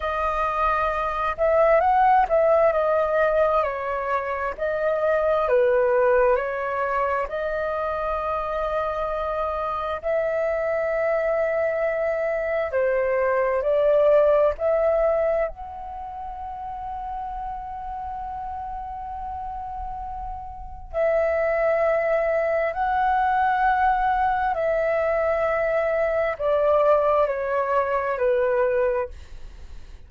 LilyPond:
\new Staff \with { instrumentName = "flute" } { \time 4/4 \tempo 4 = 66 dis''4. e''8 fis''8 e''8 dis''4 | cis''4 dis''4 b'4 cis''4 | dis''2. e''4~ | e''2 c''4 d''4 |
e''4 fis''2.~ | fis''2. e''4~ | e''4 fis''2 e''4~ | e''4 d''4 cis''4 b'4 | }